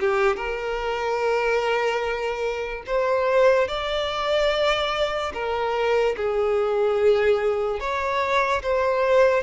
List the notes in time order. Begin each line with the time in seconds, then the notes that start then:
0.00 G4
0.37 A#4
2.87 C5
3.68 D5
5.33 A#4
6.16 G#4
7.80 C#5
8.63 C5